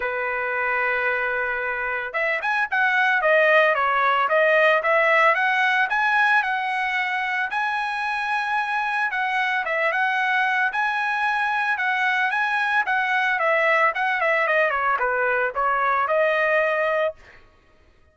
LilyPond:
\new Staff \with { instrumentName = "trumpet" } { \time 4/4 \tempo 4 = 112 b'1 | e''8 gis''8 fis''4 dis''4 cis''4 | dis''4 e''4 fis''4 gis''4 | fis''2 gis''2~ |
gis''4 fis''4 e''8 fis''4. | gis''2 fis''4 gis''4 | fis''4 e''4 fis''8 e''8 dis''8 cis''8 | b'4 cis''4 dis''2 | }